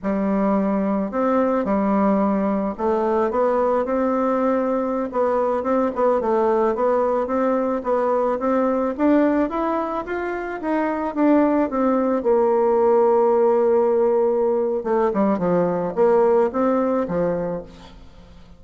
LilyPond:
\new Staff \with { instrumentName = "bassoon" } { \time 4/4 \tempo 4 = 109 g2 c'4 g4~ | g4 a4 b4 c'4~ | c'4~ c'16 b4 c'8 b8 a8.~ | a16 b4 c'4 b4 c'8.~ |
c'16 d'4 e'4 f'4 dis'8.~ | dis'16 d'4 c'4 ais4.~ ais16~ | ais2. a8 g8 | f4 ais4 c'4 f4 | }